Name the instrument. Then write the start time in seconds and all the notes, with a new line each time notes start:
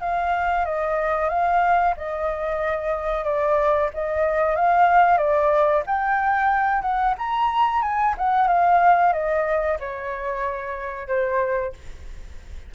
flute
0.00 F5
0.65 D#5
1.29 F5
1.97 D#5
3.24 D5
3.93 D#5
4.55 F5
5.17 D5
5.86 G5
6.81 F#5
7.18 A#5
7.82 G#5
8.17 F#5
8.47 F5
9.12 D#5
9.79 C#5
11.07 C5